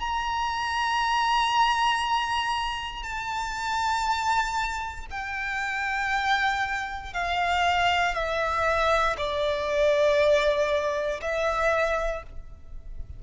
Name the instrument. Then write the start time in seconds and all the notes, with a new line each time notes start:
violin
0.00 A#5
3.03 A5
5.11 G5
7.14 F5
8.14 E5
9.18 D5
11.21 E5